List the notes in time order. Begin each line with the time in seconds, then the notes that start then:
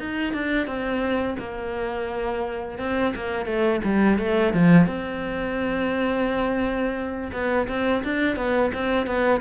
0.00 D#4
0.34 D4
0.67 C4
1.39 A#3
2.79 C4
3.16 A#3
3.46 A3
3.84 G3
4.19 A3
4.53 F3
4.87 C4
7.33 B3
7.69 C4
8.04 D4
8.37 B3
8.74 C4
9.07 B3